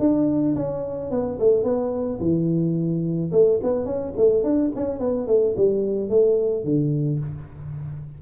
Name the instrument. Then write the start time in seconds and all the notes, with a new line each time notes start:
tuba
0.00 D4
0.56 C#4
1.11 B3
1.40 A3
1.64 B3
2.20 E3
3.32 A3
3.64 B3
3.86 C#4
4.18 A3
4.44 D4
4.76 C#4
5.00 B3
5.28 A3
5.57 G3
6.10 A3
6.65 D3